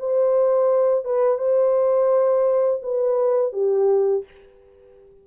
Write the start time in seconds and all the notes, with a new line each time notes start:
0.00 C5
1.05 B4
1.39 C5
2.83 B4
3.53 G4